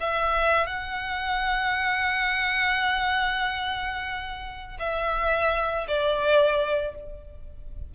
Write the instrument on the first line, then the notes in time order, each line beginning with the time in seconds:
violin
0.00 E5
0.66 F#5
4.79 E5
5.87 D5